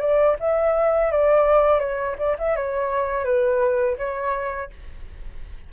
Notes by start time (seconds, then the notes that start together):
0.00 D5
0.40 E5
1.12 D5
1.80 C#5
2.19 D5
2.39 E5
2.56 C#5
3.25 B4
3.98 C#5